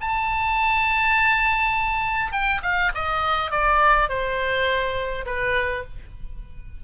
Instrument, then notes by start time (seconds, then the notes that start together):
oboe
0.00 A5
2.32 G5
2.62 F5
2.94 D#5
3.51 D5
4.09 C5
5.25 B4